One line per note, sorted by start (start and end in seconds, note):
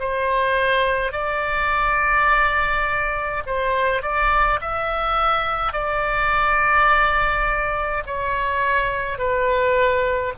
0.00 1.13 C5
1.13 3.44 D5
3.47 4.03 C5
4.03 4.60 D5
4.62 5.73 E5
5.73 8.04 D5
8.07 9.19 C#5
9.19 10.34 B4